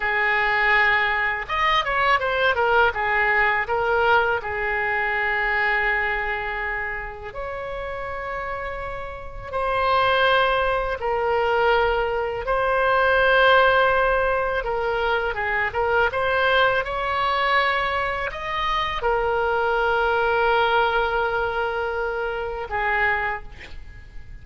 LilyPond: \new Staff \with { instrumentName = "oboe" } { \time 4/4 \tempo 4 = 82 gis'2 dis''8 cis''8 c''8 ais'8 | gis'4 ais'4 gis'2~ | gis'2 cis''2~ | cis''4 c''2 ais'4~ |
ais'4 c''2. | ais'4 gis'8 ais'8 c''4 cis''4~ | cis''4 dis''4 ais'2~ | ais'2. gis'4 | }